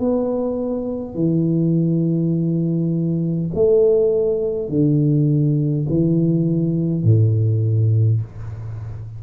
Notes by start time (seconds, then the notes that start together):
0.00 B3
1.15 E3
3.55 A3
4.70 D3
5.89 E3
7.04 A2